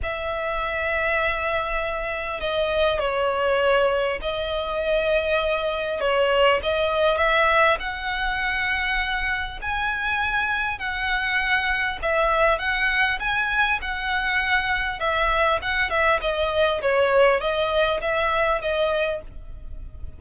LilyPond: \new Staff \with { instrumentName = "violin" } { \time 4/4 \tempo 4 = 100 e''1 | dis''4 cis''2 dis''4~ | dis''2 cis''4 dis''4 | e''4 fis''2. |
gis''2 fis''2 | e''4 fis''4 gis''4 fis''4~ | fis''4 e''4 fis''8 e''8 dis''4 | cis''4 dis''4 e''4 dis''4 | }